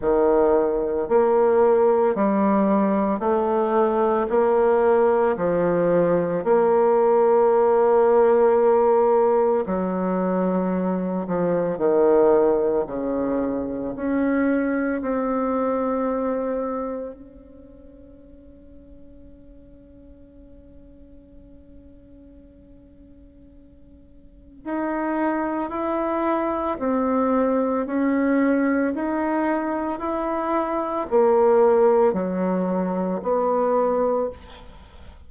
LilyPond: \new Staff \with { instrumentName = "bassoon" } { \time 4/4 \tempo 4 = 56 dis4 ais4 g4 a4 | ais4 f4 ais2~ | ais4 fis4. f8 dis4 | cis4 cis'4 c'2 |
cis'1~ | cis'2. dis'4 | e'4 c'4 cis'4 dis'4 | e'4 ais4 fis4 b4 | }